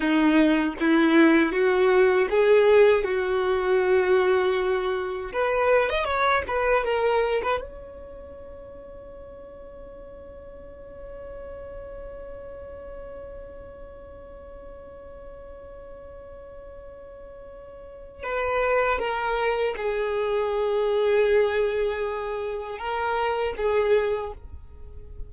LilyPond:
\new Staff \with { instrumentName = "violin" } { \time 4/4 \tempo 4 = 79 dis'4 e'4 fis'4 gis'4 | fis'2. b'8. dis''16 | cis''8 b'8 ais'8. b'16 cis''2~ | cis''1~ |
cis''1~ | cis''1 | b'4 ais'4 gis'2~ | gis'2 ais'4 gis'4 | }